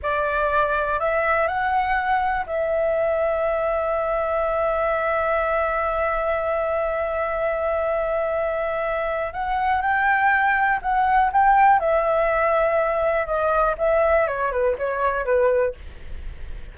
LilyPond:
\new Staff \with { instrumentName = "flute" } { \time 4/4 \tempo 4 = 122 d''2 e''4 fis''4~ | fis''4 e''2.~ | e''1~ | e''1~ |
e''2. fis''4 | g''2 fis''4 g''4 | e''2. dis''4 | e''4 cis''8 b'8 cis''4 b'4 | }